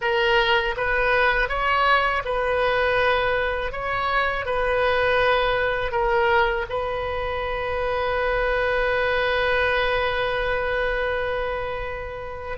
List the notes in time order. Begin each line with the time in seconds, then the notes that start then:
0.01 A#4
0.76 B4
1.48 C#5
2.25 B4
3.71 C#5
4.45 B4
5.91 A#4
6.69 B4